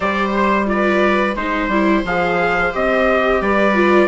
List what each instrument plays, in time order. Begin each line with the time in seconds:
0.00 bassoon G3, viola G4 C5, trumpet D5
0.34 trumpet C5
0.65 viola F4, trumpet D5
0.72 viola B4
1.35 bassoon G#3, viola D#4 C5, trumpet C5
1.67 bassoon G3, viola E4
2.04 bassoon F3, viola G#4, trumpet F5
2.72 bassoon C4, viola G4, trumpet D#5
3.41 bassoon G3, viola B4, trumpet D5
3.74 viola F4